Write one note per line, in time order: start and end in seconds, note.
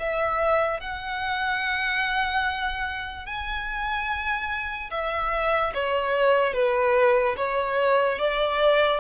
0.00 0.81 E5
0.81 3.26 F#5
3.26 4.91 G#5
4.91 5.73 E5
5.75 6.54 C#5
6.54 7.36 B4
7.37 8.19 C#5
8.19 9.01 D5